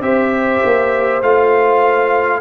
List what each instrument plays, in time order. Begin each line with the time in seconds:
0.00 tuba C4, trombone G4, horn C5, trumpet E5
0.64 tuba A#3
1.22 tuba A3, trombone F4, trumpet F5